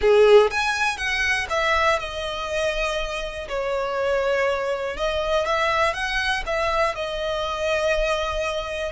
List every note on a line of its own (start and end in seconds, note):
0.01 0.50 G#4
0.50 0.97 G#5
0.97 1.46 F#5
1.49 1.99 E5
1.99 3.47 D#5
3.48 4.97 C#5
4.97 5.45 D#5
5.45 5.93 E5
5.93 6.43 F#5
6.46 6.95 E5
6.95 8.92 D#5